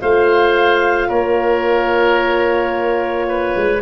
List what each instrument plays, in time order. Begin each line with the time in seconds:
0.00 tuba A3, horn F4, oboe C5, clarinet F5
1.08 tuba A#3, oboe A#4, clarinet C#5
3.28 oboe B4
3.56 tuba G#3